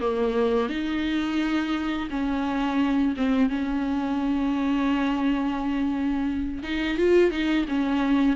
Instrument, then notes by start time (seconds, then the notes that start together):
viola
0.00 A#3
0.69 D#4
2.10 C#4
3.16 C4
3.49 C#4
6.63 D#4
6.97 F4
7.31 D#4
7.68 C#4